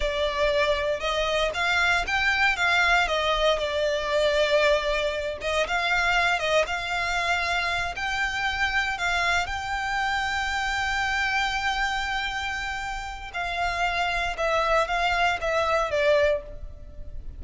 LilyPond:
\new Staff \with { instrumentName = "violin" } { \time 4/4 \tempo 4 = 117 d''2 dis''4 f''4 | g''4 f''4 dis''4 d''4~ | d''2~ d''8 dis''8 f''4~ | f''8 dis''8 f''2~ f''8 g''8~ |
g''4. f''4 g''4.~ | g''1~ | g''2 f''2 | e''4 f''4 e''4 d''4 | }